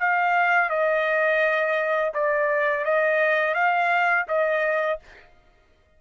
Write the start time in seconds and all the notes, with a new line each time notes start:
0.00 F5
0.70 D#5
2.14 D5
2.85 D#5
3.55 F5
4.29 D#5